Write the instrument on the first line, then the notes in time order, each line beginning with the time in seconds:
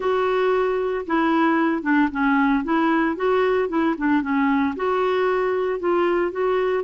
clarinet
0.00 F#4
1.06 E4
1.82 D4
2.11 C#4
2.63 E4
3.16 F#4
3.68 E4
3.97 D4
4.22 C#4
4.76 F#4
5.79 F4
6.31 F#4